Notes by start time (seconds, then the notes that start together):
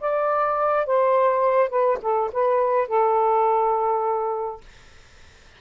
0.00 D5
0.86 C5
1.69 B4
2.02 A4
2.32 B4
2.88 A4